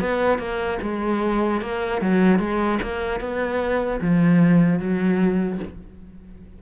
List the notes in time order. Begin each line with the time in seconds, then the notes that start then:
0.00 B3
0.39 A#3
0.82 G#3
1.61 A#3
2.01 F#3
2.39 G#3
2.82 A#3
3.20 B3
4.01 F3
4.79 F#3